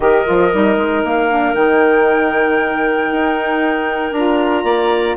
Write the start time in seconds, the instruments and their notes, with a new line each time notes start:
0.00 bassoon D#3, saxophone G4, clarinet A#4, flute D#5
0.24 bassoon F3, saxophone F4
0.52 bassoon G3, saxophone D#4
0.76 bassoon G#3
1.04 bassoon A#3, flute F5
1.30 saxophone D4
1.54 bassoon D#3, saxophone D#4, flute G5
3.11 bassoon D#4
4.12 bassoon D4, saxophone F4, flute A#5
4.63 bassoon A#3, clarinet D5